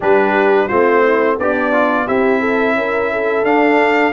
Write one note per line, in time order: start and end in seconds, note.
0.00 0.70 G3
0.00 0.69 D4
0.00 0.68 G4
0.00 0.68 B4
0.68 1.38 A3
0.68 1.39 C4
0.68 1.02 F4
0.68 1.37 C5
1.02 1.37 E4
1.38 2.07 B3
1.38 2.06 D4
1.38 1.72 G4
1.38 2.07 D5
1.72 2.07 F4
2.06 2.75 C4
2.06 3.45 E4
2.06 2.40 G4
2.06 3.45 E5
2.40 2.74 A4
2.75 3.44 C#4
2.75 3.12 A#4
3.12 4.12 A4
3.44 4.12 D4
3.44 4.12 F5